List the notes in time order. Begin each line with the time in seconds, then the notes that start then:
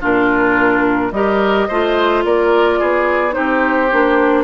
0.00 A#2 D4 F4 A#4
1.11 G3 G4 A#4 D#5
1.68 A3 F4 C5
2.24 A#3 A#4 D5
2.79 B3 G#4
3.31 C4 D#4 G4 C5
3.92 A#3 D4